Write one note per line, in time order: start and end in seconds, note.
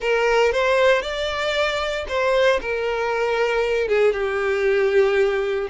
0.00 0.51 A#4
0.51 1.02 C5
1.02 2.05 D5
2.08 2.60 C5
2.61 3.88 A#4
3.88 4.12 G#4
4.12 5.68 G4